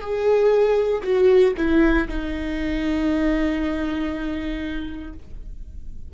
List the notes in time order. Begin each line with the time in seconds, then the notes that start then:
0.00 G#4
1.03 F#4
1.57 E4
2.08 D#4